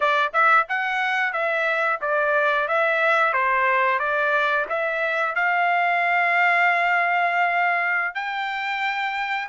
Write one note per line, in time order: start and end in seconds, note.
0.00 0.32 D5
0.33 0.66 E5
0.68 1.32 F#5
1.32 1.99 E5
2.01 2.68 D5
2.68 3.33 E5
3.33 3.98 C5
3.98 4.65 D5
4.68 5.35 E5
5.35 8.15 F5
8.15 9.48 G5